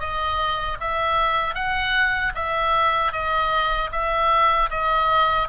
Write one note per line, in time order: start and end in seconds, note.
0.00 0.78 D#5
0.80 1.55 E5
1.55 2.33 F#5
2.35 3.12 E5
3.12 3.90 D#5
3.92 4.70 E5
4.71 5.49 D#5